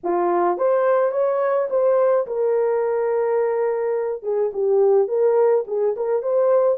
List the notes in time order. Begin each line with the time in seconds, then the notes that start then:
0.03 F4
0.57 C5
1.11 C#5
1.70 C5
2.26 A#4
4.22 G#4
4.53 G4
5.07 A#4
5.67 G#4
5.96 A#4
6.22 C5